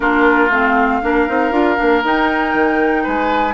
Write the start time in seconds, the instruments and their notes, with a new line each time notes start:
0.00 bassoon A#3, clarinet D4, oboe F4, flute A#4
0.49 bassoon A3, clarinet C4, flute F5
1.02 bassoon A#3, clarinet D4, oboe A#4
1.27 bassoon C4, clarinet D#4
1.51 bassoon D4, clarinet F4
1.76 bassoon A#3, clarinet D4
2.04 bassoon D#4, clarinet D#4, flute G5
2.54 bassoon D#3
3.03 bassoon G#3, oboe B4, flute G#5